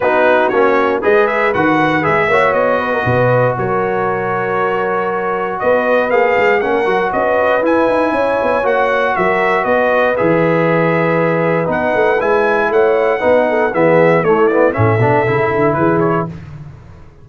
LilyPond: <<
  \new Staff \with { instrumentName = "trumpet" } { \time 4/4 \tempo 4 = 118 b'4 cis''4 dis''8 e''8 fis''4 | e''4 dis''2 cis''4~ | cis''2. dis''4 | f''4 fis''4 dis''4 gis''4~ |
gis''4 fis''4 e''4 dis''4 | e''2. fis''4 | gis''4 fis''2 e''4 | cis''8 d''8 e''2 b'8 cis''8 | }
  \new Staff \with { instrumentName = "horn" } { \time 4/4 fis'2 b'2~ | b'8 cis''4 b'16 ais'16 b'4 ais'4~ | ais'2. b'4~ | b'4 ais'4 b'2 |
cis''2 ais'4 b'4~ | b'1~ | b'4 cis''4 b'8 a'8 gis'4 | e'4 a'2 gis'4 | }
  \new Staff \with { instrumentName = "trombone" } { \time 4/4 dis'4 cis'4 gis'4 fis'4 | gis'8 fis'2.~ fis'8~ | fis'1 | gis'4 cis'8 fis'4. e'4~ |
e'4 fis'2. | gis'2. dis'4 | e'2 dis'4 b4 | a8 b8 cis'8 d'8 e'2 | }
  \new Staff \with { instrumentName = "tuba" } { \time 4/4 b4 ais4 gis4 dis4 | gis8 ais8 b4 b,4 fis4~ | fis2. b4 | ais8 gis8 ais8 fis8 cis'4 e'8 dis'8 |
cis'8 b8 ais4 fis4 b4 | e2. b8 a8 | gis4 a4 b4 e4 | a4 a,8 b,8 cis8 d8 e4 | }
>>